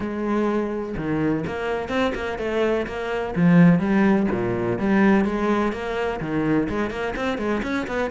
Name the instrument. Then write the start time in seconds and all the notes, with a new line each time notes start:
cello
0.00 G#3
0.97 D#3
1.46 A#3
1.89 C4
2.15 A#3
2.38 A3
2.86 A#3
3.35 F3
3.79 G3
4.31 A#2
4.78 G3
5.24 G#3
5.72 A#3
6.20 D#3
6.68 G#3
6.90 A#3
7.16 C4
7.37 G#3
7.63 C#4
7.87 B3